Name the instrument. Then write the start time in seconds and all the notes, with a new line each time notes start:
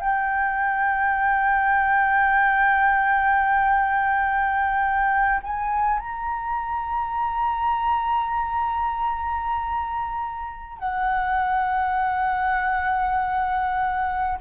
flute
0.00 G5
5.43 G#5
5.99 A#5
10.78 F#5